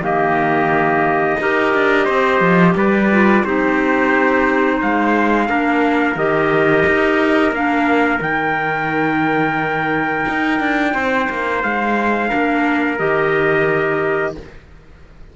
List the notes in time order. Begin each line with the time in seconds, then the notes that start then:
0.00 D#3 A#3 G4 D#5
1.40 D#4 G4 A#4
1.74 D4
2.05 C4 C5
2.41 F3
2.75 G3 B4 D5
3.12 F4
3.44 C4 D#4 G4 C5
4.77 G#3 C5 F5
5.48 A#3 D4 A#4
6.16 D#3 G4 D#5
6.87 D#4
7.52 A#3 D4 F5
8.20 D#3 D#4 G5
10.29 D#4
10.60 D4
10.94 C4 C5
11.30 A#3
11.63 G#3 F5
12.29 A#3 D4 A#4
12.99 D#3 G4 D#5